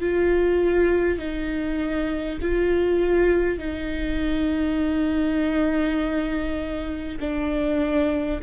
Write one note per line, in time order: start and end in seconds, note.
0.00 1.18 F4
1.18 2.38 D#4
2.41 3.58 F4
3.58 7.18 D#4
7.19 8.39 D4